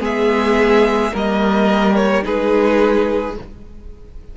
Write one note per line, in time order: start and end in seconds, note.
0.00 1.11 G#3
0.00 1.11 B3
0.00 1.11 G#4
0.00 1.16 E5
1.12 2.25 G3
1.12 2.22 A#3
1.12 2.24 A#4
1.12 1.95 D#5
1.95 2.23 C#5
2.22 3.37 G#3
2.22 3.34 D#4
2.22 3.36 G#4
2.22 3.36 B4